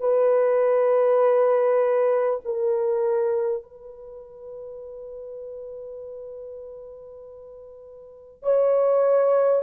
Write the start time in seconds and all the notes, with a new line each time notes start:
0.00 B4
2.45 A#4
3.63 B4
8.43 C#5